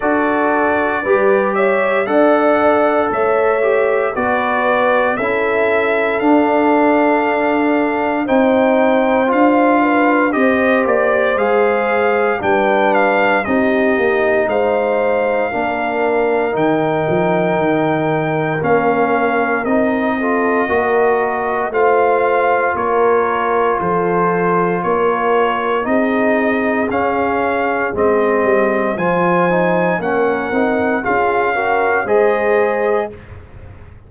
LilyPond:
<<
  \new Staff \with { instrumentName = "trumpet" } { \time 4/4 \tempo 4 = 58 d''4. e''8 fis''4 e''4 | d''4 e''4 f''2 | g''4 f''4 dis''8 d''8 f''4 | g''8 f''8 dis''4 f''2 |
g''2 f''4 dis''4~ | dis''4 f''4 cis''4 c''4 | cis''4 dis''4 f''4 dis''4 | gis''4 fis''4 f''4 dis''4 | }
  \new Staff \with { instrumentName = "horn" } { \time 4/4 a'4 b'8 cis''8 d''4 cis''4 | b'4 a'2. | c''4. b'8 c''2 | b'4 g'4 c''4 ais'4~ |
ais'2.~ ais'8 a'8 | ais'4 c''4 ais'4 a'4 | ais'4 gis'2. | c''4 ais'4 gis'8 ais'8 c''4 | }
  \new Staff \with { instrumentName = "trombone" } { \time 4/4 fis'4 g'4 a'4. g'8 | fis'4 e'4 d'2 | dis'4 f'4 g'4 gis'4 | d'4 dis'2 d'4 |
dis'2 cis'4 dis'8 f'8 | fis'4 f'2.~ | f'4 dis'4 cis'4 c'4 | f'8 dis'8 cis'8 dis'8 f'8 fis'8 gis'4 | }
  \new Staff \with { instrumentName = "tuba" } { \time 4/4 d'4 g4 d'4 a4 | b4 cis'4 d'2 | c'4 d'4 c'8 ais8 gis4 | g4 c'8 ais8 gis4 ais4 |
dis8 f8 dis4 ais4 c'4 | ais4 a4 ais4 f4 | ais4 c'4 cis'4 gis8 g8 | f4 ais8 c'8 cis'4 gis4 | }
>>